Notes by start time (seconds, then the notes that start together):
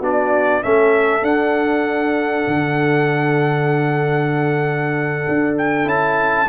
0.00 B3 D4 F#4 D5
0.62 A3 C#4 A4 E5
1.22 D4 F#5
2.48 D3
5.28 D4
5.58 G5
5.85 C#4 E4 A5